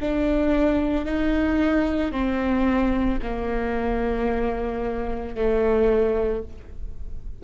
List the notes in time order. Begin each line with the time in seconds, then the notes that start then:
0.00 D4
1.05 D#4
2.12 C4
3.22 A#3
5.35 A3